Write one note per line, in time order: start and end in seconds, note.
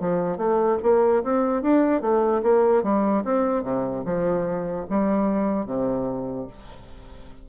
0.00 0.38 F3
0.38 0.78 A3
0.83 1.23 A#3
1.24 1.62 C4
1.62 2.02 D4
2.02 2.42 A3
2.43 2.83 A#3
2.83 3.24 G3
3.24 3.63 C4
3.63 4.04 C3
4.05 4.86 F3
4.90 5.66 G3
5.66 6.47 C3